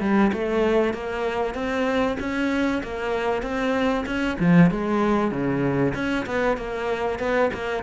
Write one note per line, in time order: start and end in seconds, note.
0.00 0.31 G3
0.32 0.93 A3
0.93 1.54 A#3
1.54 2.17 C4
2.19 2.82 C#4
2.83 3.42 A#3
3.42 4.05 C4
4.06 4.37 C#4
4.39 4.70 F3
4.70 5.31 G#3
5.31 5.93 C#3
5.94 6.25 C#4
6.26 6.57 B3
6.57 7.19 A#3
7.19 7.50 B3
7.53 7.83 A#3